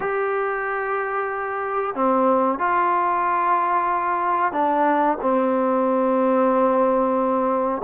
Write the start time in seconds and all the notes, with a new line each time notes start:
0.00 G4
1.94 C4
2.58 F4
4.52 D4
5.21 C4